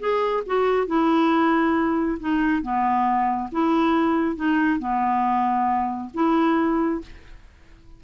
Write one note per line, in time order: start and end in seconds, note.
0.00 0.44 G#4
0.47 0.87 F#4
0.87 2.18 E4
2.20 2.62 D#4
2.62 3.50 B3
3.52 4.36 E4
4.36 4.79 D#4
4.79 6.11 B3
6.14 7.02 E4